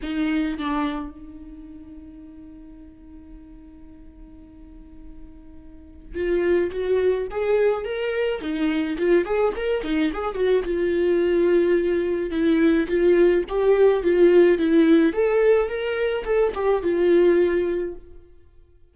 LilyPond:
\new Staff \with { instrumentName = "viola" } { \time 4/4 \tempo 4 = 107 dis'4 d'4 dis'2~ | dis'1~ | dis'2. f'4 | fis'4 gis'4 ais'4 dis'4 |
f'8 gis'8 ais'8 dis'8 gis'8 fis'8 f'4~ | f'2 e'4 f'4 | g'4 f'4 e'4 a'4 | ais'4 a'8 g'8 f'2 | }